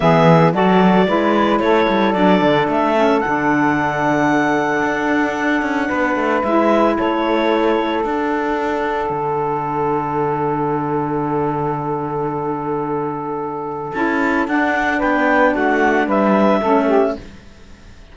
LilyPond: <<
  \new Staff \with { instrumentName = "clarinet" } { \time 4/4 \tempo 4 = 112 e''4 d''2 cis''4 | d''4 e''4 fis''2~ | fis''1 | e''4 cis''2 fis''4~ |
fis''1~ | fis''1~ | fis''2 a''4 fis''4 | g''4 fis''4 e''2 | }
  \new Staff \with { instrumentName = "saxophone" } { \time 4/4 gis'4 a'4 b'4 a'4~ | a'1~ | a'2. b'4~ | b'4 a'2.~ |
a'1~ | a'1~ | a'1 | b'4 fis'4 b'4 a'8 g'8 | }
  \new Staff \with { instrumentName = "saxophone" } { \time 4/4 b4 fis'4 e'2 | d'4. cis'8 d'2~ | d'1 | e'2. d'4~ |
d'1~ | d'1~ | d'2 e'4 d'4~ | d'2. cis'4 | }
  \new Staff \with { instrumentName = "cello" } { \time 4/4 e4 fis4 gis4 a8 g8 | fis8 d8 a4 d2~ | d4 d'4. cis'8 b8 a8 | gis4 a2 d'4~ |
d'4 d2.~ | d1~ | d2 cis'4 d'4 | b4 a4 g4 a4 | }
>>